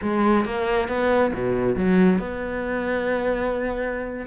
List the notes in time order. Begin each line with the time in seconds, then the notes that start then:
0.02 G#3
0.45 A#3
0.88 B3
1.33 B2
1.76 F#3
2.18 B3